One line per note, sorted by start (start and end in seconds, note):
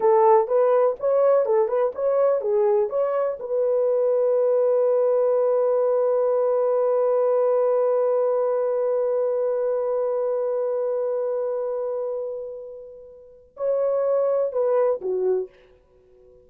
0.00 0.47 A4
0.47 0.95 B4
0.99 1.45 C#5
1.45 1.68 A4
1.68 1.92 B4
1.95 2.41 C#5
2.41 2.89 G#4
2.89 3.38 C#5
3.39 13.55 B4
13.56 14.52 C#5
14.52 15.00 B4
15.01 15.49 F#4